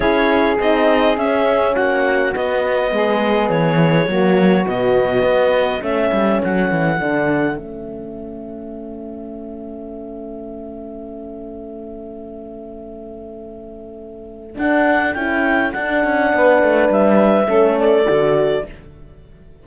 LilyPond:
<<
  \new Staff \with { instrumentName = "clarinet" } { \time 4/4 \tempo 4 = 103 cis''4 dis''4 e''4 fis''4 | dis''2 cis''2 | dis''2 e''4 fis''4~ | fis''4 e''2.~ |
e''1~ | e''1~ | e''4 fis''4 g''4 fis''4~ | fis''4 e''4. d''4. | }
  \new Staff \with { instrumentName = "saxophone" } { \time 4/4 gis'2. fis'4~ | fis'4 gis'2 fis'4~ | fis'2 a'2~ | a'1~ |
a'1~ | a'1~ | a'1 | b'2 a'2 | }
  \new Staff \with { instrumentName = "horn" } { \time 4/4 e'4 dis'4 cis'2 | b2. ais4 | b2 cis'2 | d'4 cis'2.~ |
cis'1~ | cis'1~ | cis'4 d'4 e'4 d'4~ | d'2 cis'4 fis'4 | }
  \new Staff \with { instrumentName = "cello" } { \time 4/4 cis'4 c'4 cis'4 ais4 | b4 gis4 e4 fis4 | b,4 b4 a8 g8 fis8 e8 | d4 a2.~ |
a1~ | a1~ | a4 d'4 cis'4 d'8 cis'8 | b8 a8 g4 a4 d4 | }
>>